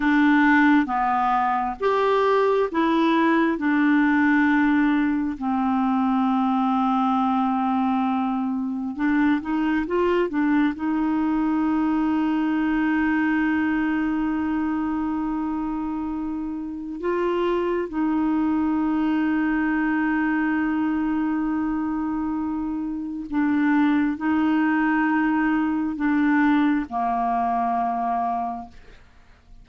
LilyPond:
\new Staff \with { instrumentName = "clarinet" } { \time 4/4 \tempo 4 = 67 d'4 b4 g'4 e'4 | d'2 c'2~ | c'2 d'8 dis'8 f'8 d'8 | dis'1~ |
dis'2. f'4 | dis'1~ | dis'2 d'4 dis'4~ | dis'4 d'4 ais2 | }